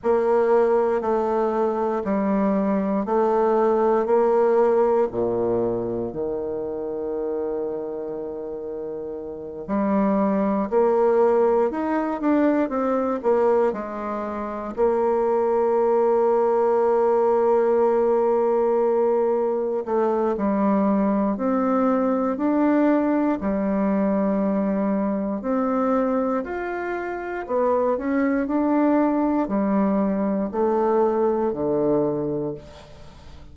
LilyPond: \new Staff \with { instrumentName = "bassoon" } { \time 4/4 \tempo 4 = 59 ais4 a4 g4 a4 | ais4 ais,4 dis2~ | dis4. g4 ais4 dis'8 | d'8 c'8 ais8 gis4 ais4.~ |
ais2.~ ais8 a8 | g4 c'4 d'4 g4~ | g4 c'4 f'4 b8 cis'8 | d'4 g4 a4 d4 | }